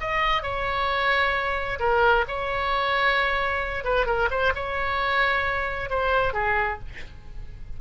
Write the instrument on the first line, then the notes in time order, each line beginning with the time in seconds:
oboe
0.00 D#5
0.42 C#5
1.79 A#4
2.27 C#5
3.84 B4
4.06 A#4
4.30 C5
4.55 C#5
5.89 C5
6.33 G#4